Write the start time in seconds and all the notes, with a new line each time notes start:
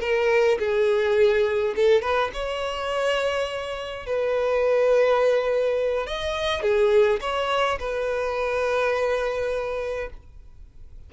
0.00 A#4
0.59 G#4
1.76 A4
2.02 B4
2.33 C#5
4.06 B4
6.06 D#5
6.62 G#4
7.20 C#5
7.79 B4